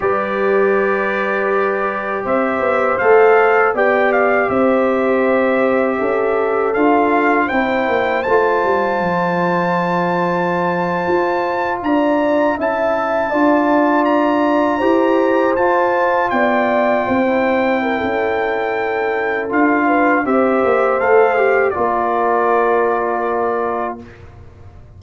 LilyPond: <<
  \new Staff \with { instrumentName = "trumpet" } { \time 4/4 \tempo 4 = 80 d''2. e''4 | f''4 g''8 f''8 e''2~ | e''4 f''4 g''4 a''4~ | a''2.~ a''8. ais''16~ |
ais''8. a''2 ais''4~ ais''16~ | ais''8. a''4 g''2~ g''16~ | g''2 f''4 e''4 | f''4 d''2. | }
  \new Staff \with { instrumentName = "horn" } { \time 4/4 b'2. c''4~ | c''4 d''4 c''2 | a'2 c''2~ | c''2.~ c''8. d''16~ |
d''8. e''4 d''2 c''16~ | c''4.~ c''16 d''4 c''4 ais'16 | a'2~ a'8 b'8 c''4~ | c''4 ais'2. | }
  \new Staff \with { instrumentName = "trombone" } { \time 4/4 g'1 | a'4 g'2.~ | g'4 f'4 e'4 f'4~ | f'1~ |
f'8. e'4 f'2 g'16~ | g'8. f'2~ f'16 e'4~ | e'2 f'4 g'4 | a'8 g'8 f'2. | }
  \new Staff \with { instrumentName = "tuba" } { \time 4/4 g2. c'8 b8 | a4 b4 c'2 | cis'4 d'4 c'8 ais8 a8 g8 | f2~ f8. f'4 d'16~ |
d'8. cis'4 d'2 e'16~ | e'8. f'4 b4 c'4~ c'16 | cis'2 d'4 c'8 ais8 | a4 ais2. | }
>>